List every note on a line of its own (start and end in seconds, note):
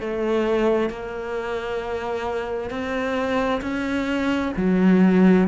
0.00 0.90 A3
0.90 2.70 A#3
2.70 3.61 C4
3.61 4.52 C#4
4.57 5.48 F#3